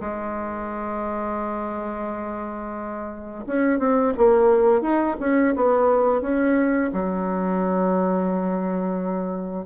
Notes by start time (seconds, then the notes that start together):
0.00 G#3
3.46 C#4
3.79 C4
4.17 A#3
4.82 D#4
5.20 C#4
5.55 B3
6.21 C#4
6.93 F#3